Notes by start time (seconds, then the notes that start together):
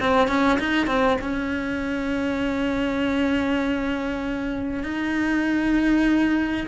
0.00 C4
0.28 C#4
0.59 D#4
0.87 C4
1.21 C#4
4.83 D#4